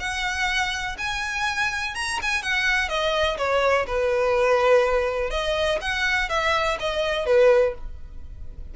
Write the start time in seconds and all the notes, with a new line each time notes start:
0.00 F#5
0.99 G#5
1.96 A#5
2.22 G#5
2.43 F#5
2.89 D#5
3.38 C#5
3.88 B4
5.31 D#5
5.82 F#5
6.30 E5
6.80 D#5
7.26 B4